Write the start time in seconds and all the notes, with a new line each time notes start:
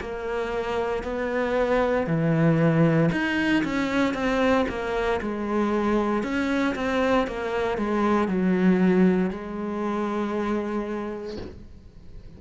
0.00 A#3
1.03 B3
2.06 E3
3.12 D#4
3.63 C#4
4.14 C4
4.68 A#3
5.21 G#3
6.23 C#4
6.75 C4
7.27 A#3
7.77 G#3
8.28 F#3
9.30 G#3